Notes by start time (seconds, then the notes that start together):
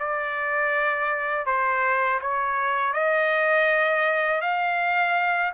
0.00 D5
1.46 C5
2.22 C#5
2.94 D#5
4.42 F5